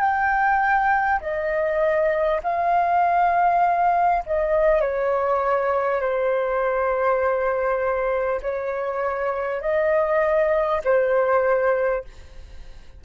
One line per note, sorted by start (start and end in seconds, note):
0.00 1.20 G5
1.21 2.41 D#5
2.43 4.23 F5
4.26 4.81 D#5
4.81 6.01 C#5
6.01 8.41 C5
8.43 9.62 C#5
9.62 10.82 D#5
10.85 12.05 C5